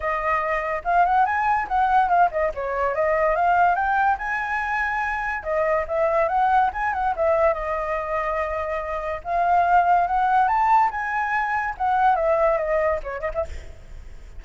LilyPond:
\new Staff \with { instrumentName = "flute" } { \time 4/4 \tempo 4 = 143 dis''2 f''8 fis''8 gis''4 | fis''4 f''8 dis''8 cis''4 dis''4 | f''4 g''4 gis''2~ | gis''4 dis''4 e''4 fis''4 |
gis''8 fis''8 e''4 dis''2~ | dis''2 f''2 | fis''4 a''4 gis''2 | fis''4 e''4 dis''4 cis''8 dis''16 e''16 | }